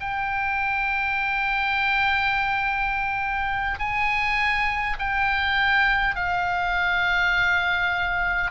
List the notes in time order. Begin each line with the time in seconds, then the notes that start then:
0.00 G5
3.79 G#5
4.99 G5
6.16 F5